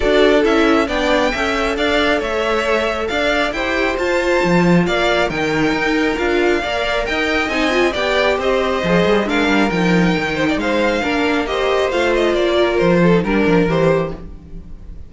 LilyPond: <<
  \new Staff \with { instrumentName = "violin" } { \time 4/4 \tempo 4 = 136 d''4 e''4 g''2 | f''4 e''2 f''4 | g''4 a''2 f''4 | g''2 f''2 |
g''4 gis''4 g''4 dis''4~ | dis''4 f''4 g''2 | f''2 dis''4 f''8 dis''8 | d''4 c''4 ais'4 c''4 | }
  \new Staff \with { instrumentName = "violin" } { \time 4/4 a'2 d''4 e''4 | d''4 cis''2 d''4 | c''2. d''4 | ais'2. d''4 |
dis''2 d''4 c''4~ | c''4 ais'2~ ais'8 c''16 d''16 | c''4 ais'4 c''2~ | c''8 ais'4 a'8 ais'2 | }
  \new Staff \with { instrumentName = "viola" } { \time 4/4 fis'4 e'4 d'4 a'4~ | a'1 | g'4 f'2. | dis'2 f'4 ais'4~ |
ais'4 dis'8 f'8 g'2 | gis'4 d'4 dis'2~ | dis'4 d'4 g'4 f'4~ | f'4.~ f'16 dis'16 d'4 g'4 | }
  \new Staff \with { instrumentName = "cello" } { \time 4/4 d'4 cis'4 b4 cis'4 | d'4 a2 d'4 | e'4 f'4 f4 ais4 | dis4 dis'4 d'4 ais4 |
dis'4 c'4 b4 c'4 | f8 g8 gis8 g8 f4 dis4 | gis4 ais2 a4 | ais4 f4 g8 f8 e4 | }
>>